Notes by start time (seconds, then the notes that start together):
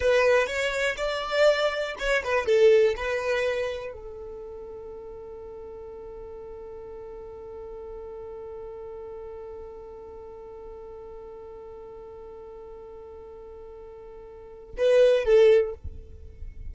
0.00 B4
0.46 C#5
0.97 D5
1.98 C#5
2.24 B4
2.45 A4
2.96 B4
3.93 A4
14.77 B4
15.24 A4